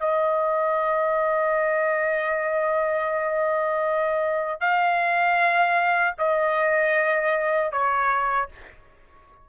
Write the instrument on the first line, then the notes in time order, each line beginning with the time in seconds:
trumpet
0.00 D#5
4.60 F5
6.18 D#5
7.72 C#5